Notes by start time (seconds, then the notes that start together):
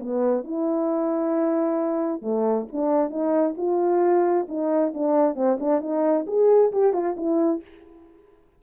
0.00 B3
0.44 E4
2.21 A3
2.73 D4
3.10 D#4
3.57 F4
4.48 D#4
4.94 D4
5.35 C4
5.60 D4
5.81 D#4
6.27 G#4
6.72 G4
6.93 F4
7.17 E4